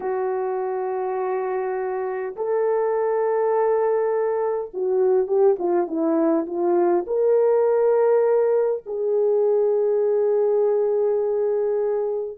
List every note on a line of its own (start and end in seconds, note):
0.00 2.35 F#4
2.36 4.71 A4
4.73 5.27 F#4
5.27 5.56 G4
5.59 5.87 F4
5.87 6.45 E4
6.46 7.05 F4
7.06 8.83 A#4
8.86 12.37 G#4